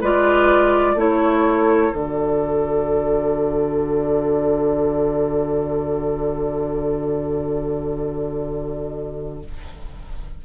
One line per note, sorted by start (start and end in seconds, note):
0.00 0.95 G#3
0.00 0.97 F4
0.00 0.94 B4
0.00 0.99 D5
0.94 1.92 A3
0.94 1.93 E4
0.94 9.41 A4
0.94 1.95 C#5
1.93 9.43 D3
1.93 9.43 F#4
1.93 9.45 D5